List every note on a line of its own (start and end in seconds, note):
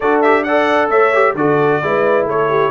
0.00 0.89 D4
0.00 0.24 F#4
0.00 0.43 A4
0.00 0.20 D5
0.21 0.46 G4
0.21 0.43 E5
0.43 1.13 A4
0.43 0.89 D5
0.43 0.89 F#5
0.89 1.34 A3
0.89 1.35 C#5
0.89 1.35 E5
1.13 1.36 G4
1.35 1.80 D3
1.35 1.82 F#4
1.35 1.82 A4
1.35 2.27 D5
1.82 2.24 G#3
1.82 2.70 E4
1.82 2.27 B4
2.24 2.70 A3
2.24 2.49 A4
2.24 2.70 C#5
2.49 2.70 G4